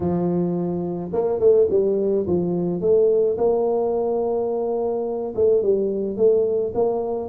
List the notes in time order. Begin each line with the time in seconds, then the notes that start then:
0.00 F3
1.12 A#3
1.39 A3
1.69 G3
2.27 F3
2.80 A3
3.37 A#3
5.35 A3
5.62 G3
6.16 A3
6.74 A#3